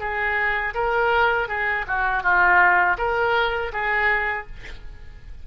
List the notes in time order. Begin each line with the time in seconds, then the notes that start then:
0.00 G#4
0.74 A#4
1.48 G#4
1.88 F#4
2.23 F4
2.98 A#4
3.73 G#4